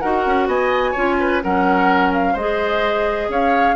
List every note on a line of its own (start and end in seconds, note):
0.00 0.26 D#4
0.00 0.95 F#4
0.00 0.48 A#4
0.00 0.47 F#5
0.26 0.47 C#4
0.47 0.94 B3
0.47 0.91 D#5
0.47 1.42 G#5
0.91 1.43 C#4
0.91 1.42 F4
0.91 1.15 C#5
1.19 1.43 B4
1.43 2.35 F#3
1.43 2.38 C#4
1.43 2.33 A#4
1.43 2.13 F#5
2.13 2.36 F5
2.33 3.28 G#3
2.33 3.75 G#4
2.33 3.27 C5
2.33 3.30 D#5
3.28 3.75 C#4
3.28 3.75 C#5
3.28 3.75 F5